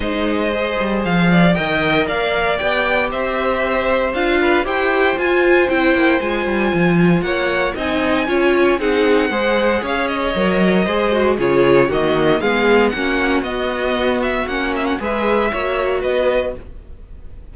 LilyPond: <<
  \new Staff \with { instrumentName = "violin" } { \time 4/4 \tempo 4 = 116 dis''2 f''4 g''4 | f''4 g''4 e''2 | f''4 g''4 gis''4 g''4 | gis''2 fis''4 gis''4~ |
gis''4 fis''2 f''8 dis''8~ | dis''2 cis''4 dis''4 | f''4 fis''4 dis''4. e''8 | fis''8 e''16 fis''16 e''2 dis''4 | }
  \new Staff \with { instrumentName = "violin" } { \time 4/4 c''2~ c''8 d''8 dis''4 | d''2 c''2~ | c''8 b'8 c''2.~ | c''2 cis''4 dis''4 |
cis''4 gis'4 c''4 cis''4~ | cis''4 c''4 gis'4 fis'4 | gis'4 fis'2.~ | fis'4 b'4 cis''4 b'4 | }
  \new Staff \with { instrumentName = "viola" } { \time 4/4 dis'4 gis'2 ais'4~ | ais'4 g'2. | f'4 g'4 f'4 e'4 | f'2. dis'4 |
f'4 dis'4 gis'2 | ais'4 gis'8 fis'8 f'4 ais4 | b4 cis'4 b2 | cis'4 gis'4 fis'2 | }
  \new Staff \with { instrumentName = "cello" } { \time 4/4 gis4. g8 f4 dis4 | ais4 b4 c'2 | d'4 e'4 f'4 c'8 ais8 | gis8 g8 f4 ais4 c'4 |
cis'4 c'4 gis4 cis'4 | fis4 gis4 cis4 dis4 | gis4 ais4 b2 | ais4 gis4 ais4 b4 | }
>>